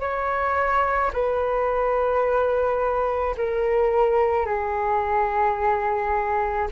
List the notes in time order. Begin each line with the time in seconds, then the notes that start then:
0.00 C#5
1.13 B4
3.37 A#4
4.45 G#4